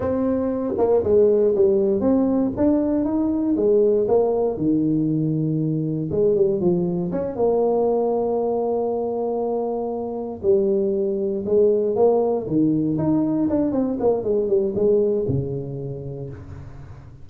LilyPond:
\new Staff \with { instrumentName = "tuba" } { \time 4/4 \tempo 4 = 118 c'4. ais8 gis4 g4 | c'4 d'4 dis'4 gis4 | ais4 dis2. | gis8 g8 f4 cis'8 ais4.~ |
ais1~ | ais8 g2 gis4 ais8~ | ais8 dis4 dis'4 d'8 c'8 ais8 | gis8 g8 gis4 cis2 | }